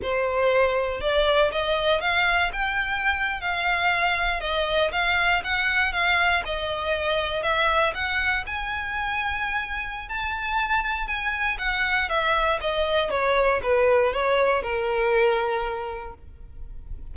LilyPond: \new Staff \with { instrumentName = "violin" } { \time 4/4 \tempo 4 = 119 c''2 d''4 dis''4 | f''4 g''4.~ g''16 f''4~ f''16~ | f''8. dis''4 f''4 fis''4 f''16~ | f''8. dis''2 e''4 fis''16~ |
fis''8. gis''2.~ gis''16 | a''2 gis''4 fis''4 | e''4 dis''4 cis''4 b'4 | cis''4 ais'2. | }